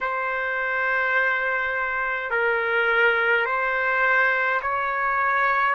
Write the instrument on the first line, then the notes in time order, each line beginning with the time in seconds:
trumpet
0.00 C5
2.30 A#4
3.45 C5
4.62 C#5